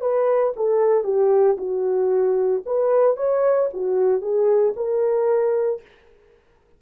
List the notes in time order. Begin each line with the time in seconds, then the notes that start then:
0.00 B4
0.56 A4
1.03 G4
1.57 F#4
2.66 B4
3.16 C#5
3.73 F#4
4.21 G#4
4.76 A#4